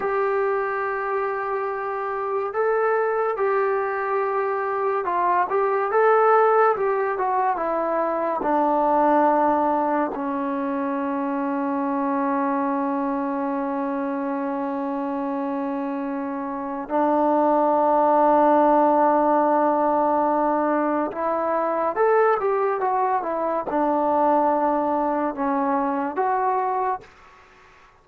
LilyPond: \new Staff \with { instrumentName = "trombone" } { \time 4/4 \tempo 4 = 71 g'2. a'4 | g'2 f'8 g'8 a'4 | g'8 fis'8 e'4 d'2 | cis'1~ |
cis'1 | d'1~ | d'4 e'4 a'8 g'8 fis'8 e'8 | d'2 cis'4 fis'4 | }